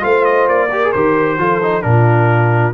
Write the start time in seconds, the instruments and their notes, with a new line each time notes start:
0.00 tuba A3, trombone F4, horn C5, trumpet F5
0.25 trumpet D#5
0.48 tuba A#3, trumpet D5
0.68 trombone G4, horn A#4
0.83 trombone G#4
0.92 tuba D#3, trombone G4, trumpet C5
1.38 tuba F3, trombone F4, horn A4
1.62 trombone D#4
1.82 tuba A#2, trombone D4, horn F4, trumpet A#4